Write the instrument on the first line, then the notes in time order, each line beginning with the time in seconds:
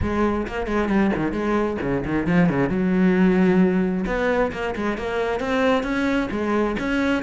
cello
0.01 G#3
0.47 A#3
0.66 G#3
0.88 G3
1.16 D#3
1.32 G#3
1.81 C#3
2.05 D#3
2.26 F3
2.49 C#3
2.69 F#3
4.06 B3
4.52 A#3
4.75 G#3
4.97 A#3
5.40 C4
5.83 C#4
6.31 G#3
6.79 C#4